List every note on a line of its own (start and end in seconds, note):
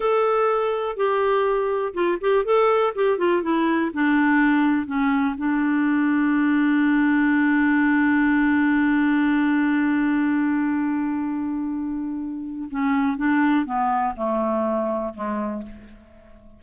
0.00 0.96 A4
0.96 1.93 G4
1.94 2.18 F4
2.20 2.45 G4
2.45 2.93 A4
2.95 3.18 G4
3.18 3.42 F4
3.42 3.91 E4
3.93 4.86 D4
4.86 5.35 C#4
5.37 12.69 D4
12.70 13.17 C#4
13.17 13.65 D4
13.65 14.14 B3
14.16 15.13 A3
15.14 15.63 G#3